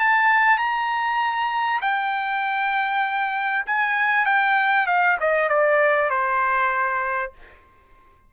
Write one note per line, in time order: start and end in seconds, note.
0.00 0.58 A5
0.58 1.81 A#5
1.82 3.66 G5
3.67 4.26 G#5
4.26 4.87 G5
4.87 5.18 F5
5.21 5.50 D#5
5.50 6.10 D5
6.10 7.33 C5